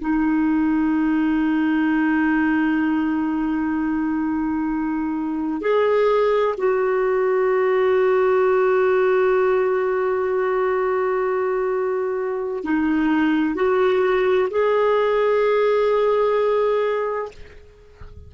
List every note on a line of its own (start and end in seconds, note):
0.00 5.61 D#4
5.61 6.55 G#4
6.58 12.64 F#4
12.64 13.55 D#4
13.55 14.49 F#4
14.50 17.31 G#4